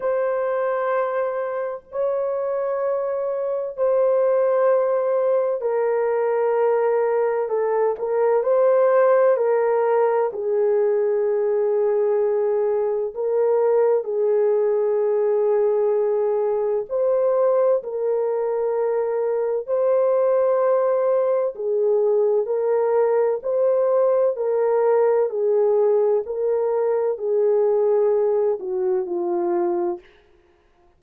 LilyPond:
\new Staff \with { instrumentName = "horn" } { \time 4/4 \tempo 4 = 64 c''2 cis''2 | c''2 ais'2 | a'8 ais'8 c''4 ais'4 gis'4~ | gis'2 ais'4 gis'4~ |
gis'2 c''4 ais'4~ | ais'4 c''2 gis'4 | ais'4 c''4 ais'4 gis'4 | ais'4 gis'4. fis'8 f'4 | }